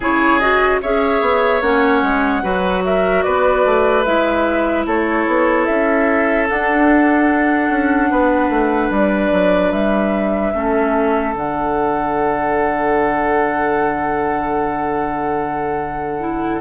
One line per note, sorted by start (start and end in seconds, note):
0.00 0.80 C#3
0.00 0.40 E4
0.00 0.81 G#4
0.00 0.39 C#5
0.39 0.81 F#4
0.39 0.79 D#5
0.81 1.21 C#4
0.81 1.62 G#4
0.81 2.42 C#5
0.81 1.62 E5
1.21 1.61 B3
1.61 2.02 A#3
1.61 2.42 C#4
1.61 2.83 F#5
2.02 2.43 G#3
2.42 3.24 F#3
2.42 4.04 F#4
2.42 2.83 B4
2.84 3.24 A#4
2.84 3.22 E5
3.22 3.65 B3
3.22 4.86 B4
3.22 4.03 D5
3.65 4.05 A3
4.04 4.85 G#3
4.04 6.48 E4
4.04 4.85 E5
4.85 5.26 A3
4.85 8.10 A4
4.85 5.65 C#5
5.27 5.67 B3
5.65 6.50 C#4
5.65 6.46 E5
6.49 10.54 D4
6.49 7.69 D4
6.49 8.92 F#5
7.69 8.10 C#4
8.10 8.49 B3
8.10 10.54 B4
8.49 8.89 A3
8.90 9.31 G3
8.90 9.72 D5
9.31 9.72 F#3
9.72 10.53 G3
9.72 11.34 E5
10.54 11.34 A3
10.54 11.34 C#4
10.54 16.61 A4
11.34 16.61 D3
11.34 16.20 D4
11.34 16.61 F#5
16.20 16.60 E4